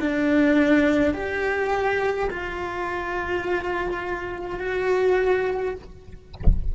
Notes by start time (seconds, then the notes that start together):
0.00 D4
1.14 G4
2.30 F4
4.59 F#4